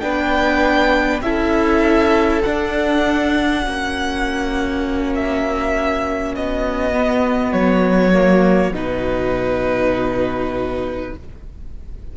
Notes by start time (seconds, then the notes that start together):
0.00 B3 D4 B4 G5
1.22 C#4 E4 A4 E5
2.44 D4 F#5
3.62 A#3 C#4 F#4
5.15 E5
6.36 B3 D#5
6.93 B3
7.53 F#3 C#5
8.13 A#3
8.71 B2 D#4
8.77 B4